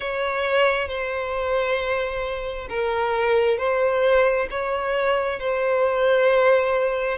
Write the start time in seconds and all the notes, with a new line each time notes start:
0.00 C#5
0.88 C5
2.69 A#4
3.58 C5
4.50 C#5
5.39 C5